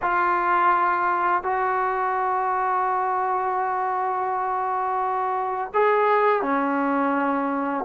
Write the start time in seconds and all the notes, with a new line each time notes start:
0.02 F4
1.43 F#4
5.73 G#4
6.42 C#4